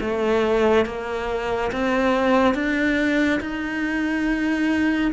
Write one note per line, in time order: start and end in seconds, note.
0.00 0.85 A3
0.85 1.71 A#3
1.71 2.54 C4
2.54 3.40 D4
3.40 5.11 D#4